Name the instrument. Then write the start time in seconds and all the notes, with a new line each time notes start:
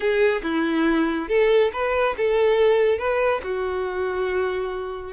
violin
0.00 G#4
0.43 E4
1.28 A4
1.72 B4
2.17 A4
2.98 B4
3.43 F#4